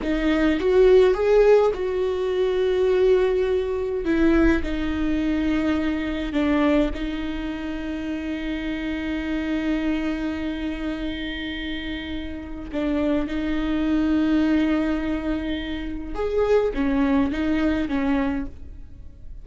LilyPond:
\new Staff \with { instrumentName = "viola" } { \time 4/4 \tempo 4 = 104 dis'4 fis'4 gis'4 fis'4~ | fis'2. e'4 | dis'2. d'4 | dis'1~ |
dis'1~ | dis'2 d'4 dis'4~ | dis'1 | gis'4 cis'4 dis'4 cis'4 | }